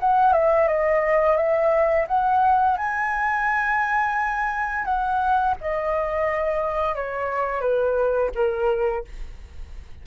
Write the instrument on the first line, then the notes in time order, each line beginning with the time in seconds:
flute
0.00 F#5
0.33 E5
0.68 D#5
1.37 E5
2.08 F#5
2.77 G#5
4.85 F#5
5.61 D#5
6.95 C#5
7.61 B4
8.35 A#4